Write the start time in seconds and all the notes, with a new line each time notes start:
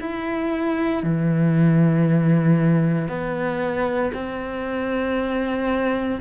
0.00 E4
1.03 E3
3.08 B3
4.13 C4